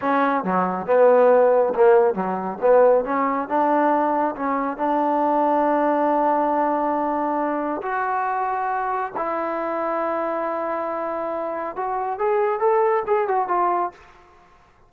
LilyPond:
\new Staff \with { instrumentName = "trombone" } { \time 4/4 \tempo 4 = 138 cis'4 fis4 b2 | ais4 fis4 b4 cis'4 | d'2 cis'4 d'4~ | d'1~ |
d'2 fis'2~ | fis'4 e'2.~ | e'2. fis'4 | gis'4 a'4 gis'8 fis'8 f'4 | }